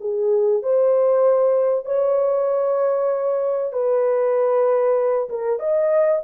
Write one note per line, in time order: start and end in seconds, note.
0.00 0.62 G#4
0.62 1.85 C5
1.85 3.73 C#5
3.73 5.29 B4
5.29 5.59 A#4
5.59 6.22 D#5